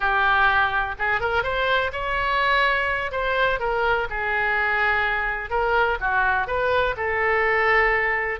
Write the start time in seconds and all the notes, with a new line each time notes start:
0.00 G4
0.99 G#4
1.20 A#4
1.43 C5
1.92 C#5
3.11 C5
3.59 A#4
4.10 G#4
5.50 A#4
6.00 F#4
6.47 B4
6.96 A4